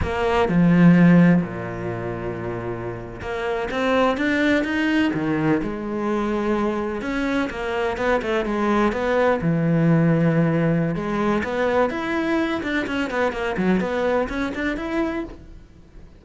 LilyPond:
\new Staff \with { instrumentName = "cello" } { \time 4/4 \tempo 4 = 126 ais4 f2 ais,4~ | ais,2~ ais,8. ais4 c'16~ | c'8. d'4 dis'4 dis4 gis16~ | gis2~ gis8. cis'4 ais16~ |
ais8. b8 a8 gis4 b4 e16~ | e2. gis4 | b4 e'4. d'8 cis'8 b8 | ais8 fis8 b4 cis'8 d'8 e'4 | }